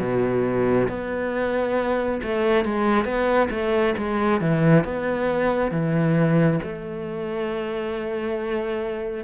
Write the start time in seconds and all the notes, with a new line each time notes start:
0.00 B2
0.89 B3
2.23 A3
2.65 G#3
3.05 B3
3.51 A3
3.98 G#3
4.41 E3
4.85 B3
5.72 E3
6.63 A3